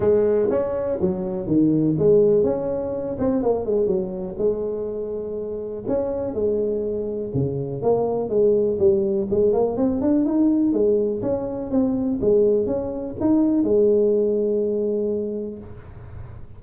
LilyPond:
\new Staff \with { instrumentName = "tuba" } { \time 4/4 \tempo 4 = 123 gis4 cis'4 fis4 dis4 | gis4 cis'4. c'8 ais8 gis8 | fis4 gis2. | cis'4 gis2 cis4 |
ais4 gis4 g4 gis8 ais8 | c'8 d'8 dis'4 gis4 cis'4 | c'4 gis4 cis'4 dis'4 | gis1 | }